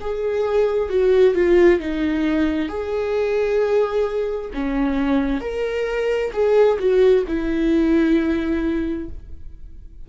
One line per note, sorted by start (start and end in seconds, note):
0.00 0.89 G#4
0.89 1.34 F#4
1.34 1.80 F4
1.80 2.69 D#4
2.69 4.50 G#4
4.54 5.40 C#4
5.40 6.31 A#4
6.32 6.78 G#4
6.79 7.24 F#4
7.27 9.09 E4